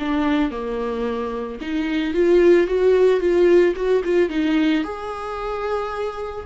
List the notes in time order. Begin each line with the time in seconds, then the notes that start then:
0.00 D4
0.52 A#3
1.61 D#4
2.14 F4
2.68 F#4
3.21 F4
3.76 F#4
4.05 F4
4.30 D#4
4.84 G#4